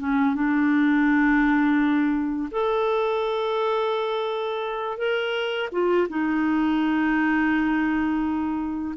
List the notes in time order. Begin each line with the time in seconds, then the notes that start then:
0.00 C#4
0.35 D4
2.52 A4
4.98 A#4
5.72 F4
6.09 D#4